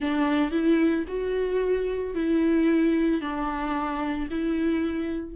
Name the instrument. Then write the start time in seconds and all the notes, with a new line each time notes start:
viola
0.00 D4
0.51 E4
1.07 F#4
2.14 E4
3.21 D4
4.30 E4